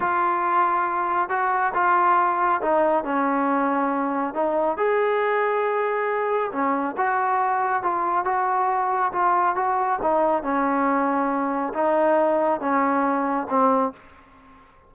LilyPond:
\new Staff \with { instrumentName = "trombone" } { \time 4/4 \tempo 4 = 138 f'2. fis'4 | f'2 dis'4 cis'4~ | cis'2 dis'4 gis'4~ | gis'2. cis'4 |
fis'2 f'4 fis'4~ | fis'4 f'4 fis'4 dis'4 | cis'2. dis'4~ | dis'4 cis'2 c'4 | }